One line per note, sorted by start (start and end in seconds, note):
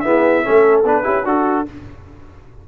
0.00 0.43 B3
0.00 0.45 E4
0.00 0.44 G#4
0.00 0.81 E5
0.43 0.84 A3
0.43 0.84 C#4
0.43 1.04 A4
0.84 1.04 B3
0.84 1.03 D4
0.84 1.27 B4
1.03 1.24 C#4
1.03 1.23 E4
1.03 1.24 G4
1.24 1.64 D4
1.24 1.65 F#4
1.24 1.68 A4